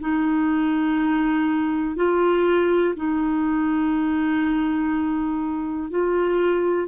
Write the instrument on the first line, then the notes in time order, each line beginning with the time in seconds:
clarinet
0.00 D#4
1.96 F4
2.96 D#4
5.90 F4